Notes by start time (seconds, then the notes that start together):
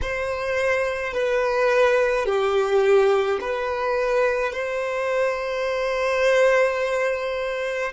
0.01 C5
1.13 B4
2.25 G4
3.41 B4
4.52 C5